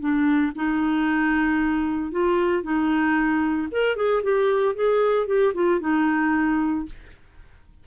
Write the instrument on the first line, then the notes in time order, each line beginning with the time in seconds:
clarinet
0.00 D4
0.56 D#4
2.12 F4
2.63 D#4
3.72 A#4
3.96 G#4
4.23 G4
4.75 G#4
5.27 G4
5.54 F4
5.81 D#4